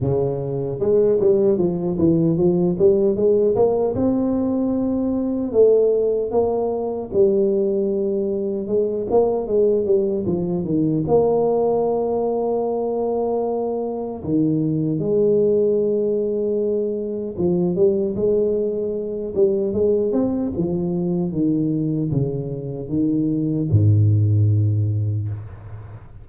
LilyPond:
\new Staff \with { instrumentName = "tuba" } { \time 4/4 \tempo 4 = 76 cis4 gis8 g8 f8 e8 f8 g8 | gis8 ais8 c'2 a4 | ais4 g2 gis8 ais8 | gis8 g8 f8 dis8 ais2~ |
ais2 dis4 gis4~ | gis2 f8 g8 gis4~ | gis8 g8 gis8 c'8 f4 dis4 | cis4 dis4 gis,2 | }